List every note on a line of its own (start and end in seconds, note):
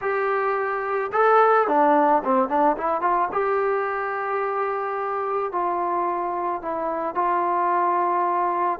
0.01 1.11 G4
1.12 1.67 A4
1.67 2.22 D4
2.24 2.48 C4
2.48 2.76 D4
2.77 3.01 E4
3.01 3.28 F4
3.32 5.52 G4
5.52 6.62 F4
6.62 7.14 E4
7.14 8.79 F4